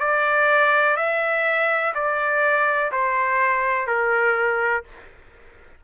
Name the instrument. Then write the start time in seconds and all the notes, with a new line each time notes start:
trumpet
0.00 D5
0.97 E5
1.94 D5
2.92 C5
3.88 A#4